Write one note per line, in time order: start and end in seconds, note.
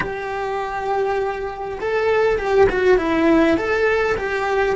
0.00 1.78 G4
1.80 2.38 A4
2.38 2.67 G4
2.69 2.97 F#4
2.97 3.57 E4
3.57 4.16 A4
4.17 4.75 G4